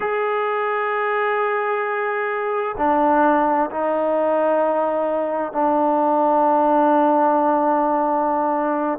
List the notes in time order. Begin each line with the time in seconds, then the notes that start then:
0.00 G#4
2.77 D4
3.70 D#4
5.52 D4